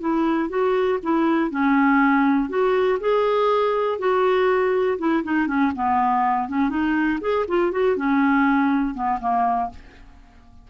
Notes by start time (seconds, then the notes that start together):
0.00 E4
0.49 F#4
1.02 E4
1.50 C#4
2.49 F#4
2.99 G#4
3.98 F#4
4.98 E4
5.23 D#4
5.47 C#4
5.75 B3
6.48 C#4
6.69 D#4
7.20 G#4
7.47 F4
7.71 F#4
7.96 C#4
8.94 B3
9.20 A#3